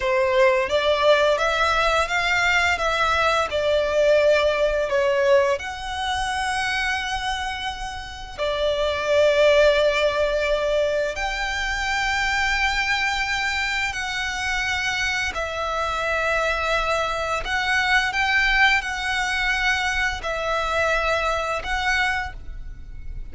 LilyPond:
\new Staff \with { instrumentName = "violin" } { \time 4/4 \tempo 4 = 86 c''4 d''4 e''4 f''4 | e''4 d''2 cis''4 | fis''1 | d''1 |
g''1 | fis''2 e''2~ | e''4 fis''4 g''4 fis''4~ | fis''4 e''2 fis''4 | }